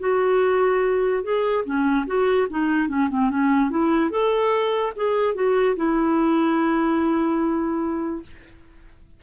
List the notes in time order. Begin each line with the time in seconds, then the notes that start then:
0.00 F#4
1.24 G#4
1.65 C#4
2.07 F#4
2.50 D#4
2.88 C#4
3.10 C4
3.30 C#4
3.70 E4
4.11 A4
4.96 G#4
5.35 F#4
5.76 E4